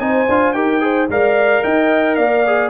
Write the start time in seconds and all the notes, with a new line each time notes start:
0.00 C4 D#4 C5 G#5
0.28 D4 F4
0.53 D#4 G4 A#4 G5
0.80 G#4 C5
1.09 G#3 A#4 D5 F5
1.64 D#4 D#5 G5
2.15 A#3 D5 F5
2.46 G#4